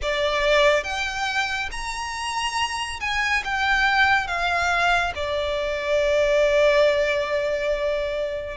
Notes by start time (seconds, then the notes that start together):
0.02 D5
0.83 G5
1.71 A#5
3.00 G#5
3.44 G5
4.27 F5
5.15 D5